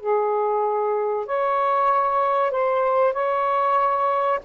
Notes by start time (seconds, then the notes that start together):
0.00 G#4
1.26 C#5
2.51 C5
3.13 C#5